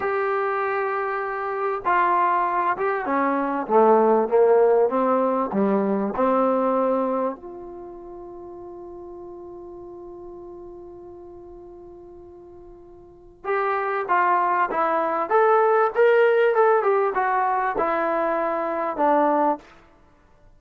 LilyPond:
\new Staff \with { instrumentName = "trombone" } { \time 4/4 \tempo 4 = 98 g'2. f'4~ | f'8 g'8 cis'4 a4 ais4 | c'4 g4 c'2 | f'1~ |
f'1~ | f'2 g'4 f'4 | e'4 a'4 ais'4 a'8 g'8 | fis'4 e'2 d'4 | }